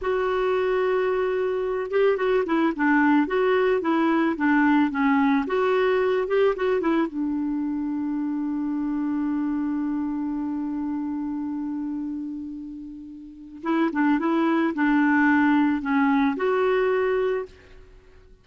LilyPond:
\new Staff \with { instrumentName = "clarinet" } { \time 4/4 \tempo 4 = 110 fis'2.~ fis'8 g'8 | fis'8 e'8 d'4 fis'4 e'4 | d'4 cis'4 fis'4. g'8 | fis'8 e'8 d'2.~ |
d'1~ | d'1~ | d'4 e'8 d'8 e'4 d'4~ | d'4 cis'4 fis'2 | }